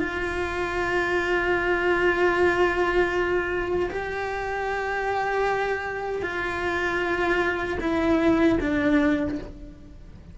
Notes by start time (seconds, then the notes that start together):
0.00 F4
3.90 G4
6.22 F4
7.81 E4
8.60 D4